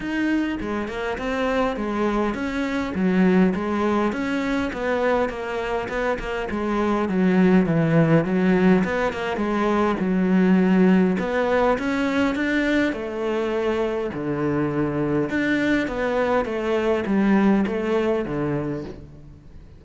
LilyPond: \new Staff \with { instrumentName = "cello" } { \time 4/4 \tempo 4 = 102 dis'4 gis8 ais8 c'4 gis4 | cis'4 fis4 gis4 cis'4 | b4 ais4 b8 ais8 gis4 | fis4 e4 fis4 b8 ais8 |
gis4 fis2 b4 | cis'4 d'4 a2 | d2 d'4 b4 | a4 g4 a4 d4 | }